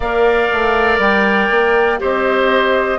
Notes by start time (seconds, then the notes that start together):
0.00 A#3 A#4 D5 F5
0.52 A3
0.98 G3 G5
1.50 A#3
1.99 C4 G4 C5 D#5